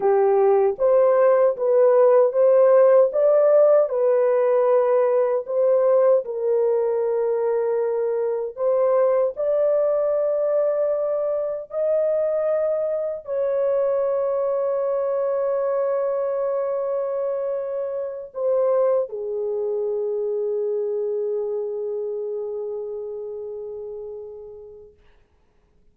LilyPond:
\new Staff \with { instrumentName = "horn" } { \time 4/4 \tempo 4 = 77 g'4 c''4 b'4 c''4 | d''4 b'2 c''4 | ais'2. c''4 | d''2. dis''4~ |
dis''4 cis''2.~ | cis''2.~ cis''8 c''8~ | c''8 gis'2.~ gis'8~ | gis'1 | }